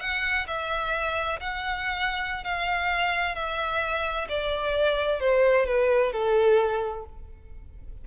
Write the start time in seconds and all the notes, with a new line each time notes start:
0.00 F#5
0.47 E5
1.40 F#5
2.44 F5
3.35 E5
4.29 D5
5.20 C5
5.66 B4
6.12 A4